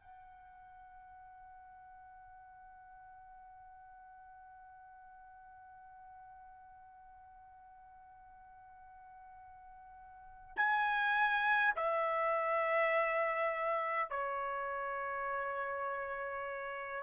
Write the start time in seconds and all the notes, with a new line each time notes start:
0.00 F#5
10.57 G#5
11.76 E5
14.10 C#5